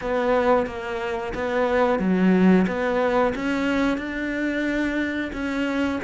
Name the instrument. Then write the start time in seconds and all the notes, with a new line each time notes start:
cello
0.01 B3
0.66 A#3
1.34 B3
1.99 F#3
2.67 B3
3.35 C#4
3.97 D4
5.32 C#4